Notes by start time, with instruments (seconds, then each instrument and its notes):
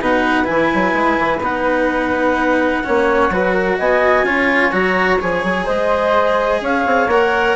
0.00 bassoon B2, cello D#4, flute B4, clarinet F#5
0.44 bassoon E3, cello E4, clarinet G#5
0.74 bassoon F#3
0.93 bassoon G#3
1.19 bassoon E3
1.40 bassoon B3, cello D#4, clarinet F#5
2.84 bassoon A#3, cello C#4, flute C#5
3.30 bassoon F#3, cello F#4, flute B4
3.53 flute A#4
3.79 bassoon B3, flute D#5, clarinet G#5
4.24 bassoon C#4, cello F4, flute C#5
4.72 bassoon F#3, cello F#4, clarinet A#5
5.20 bassoon F3, cello G#4, clarinet G#5
5.44 bassoon F#3
5.65 bassoon G#3, flute C5, clarinet D#5
6.61 bassoon C#4, flute C#5, clarinet F5
6.86 bassoon C4
7.08 bassoon A#3, cello A#4, clarinet F#5